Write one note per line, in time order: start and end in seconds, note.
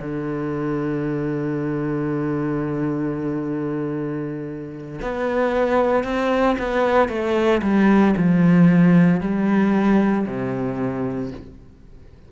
0.00 5.00 D3
5.01 6.04 B3
6.04 6.56 C4
6.58 7.08 B3
7.08 7.61 A3
7.62 8.14 G3
8.16 9.21 F3
9.21 10.26 G3
10.26 11.31 C3